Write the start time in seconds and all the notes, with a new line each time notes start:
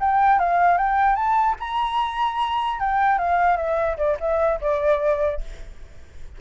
0.00 G5
0.39 F5
0.78 G5
1.16 A5
1.60 A#5
2.79 G5
3.18 F5
3.57 E5
3.97 D5
4.20 E5
4.61 D5